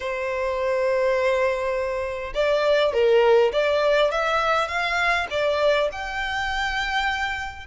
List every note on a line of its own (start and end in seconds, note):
0.00 2.33 C5
2.34 2.93 D5
2.93 3.51 A#4
3.52 4.11 D5
4.11 4.68 E5
4.68 5.26 F5
5.30 5.89 D5
5.92 7.66 G5